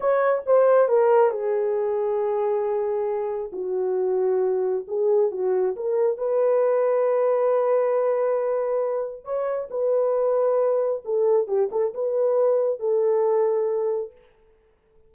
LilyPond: \new Staff \with { instrumentName = "horn" } { \time 4/4 \tempo 4 = 136 cis''4 c''4 ais'4 gis'4~ | gis'1 | fis'2. gis'4 | fis'4 ais'4 b'2~ |
b'1~ | b'4 cis''4 b'2~ | b'4 a'4 g'8 a'8 b'4~ | b'4 a'2. | }